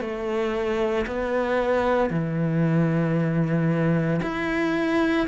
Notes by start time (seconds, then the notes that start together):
0.00 A3
1.07 B3
2.10 E3
4.22 E4